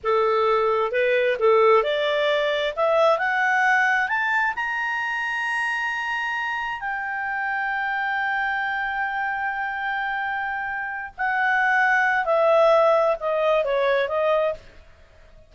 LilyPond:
\new Staff \with { instrumentName = "clarinet" } { \time 4/4 \tempo 4 = 132 a'2 b'4 a'4 | d''2 e''4 fis''4~ | fis''4 a''4 ais''2~ | ais''2. g''4~ |
g''1~ | g''1~ | g''8 fis''2~ fis''8 e''4~ | e''4 dis''4 cis''4 dis''4 | }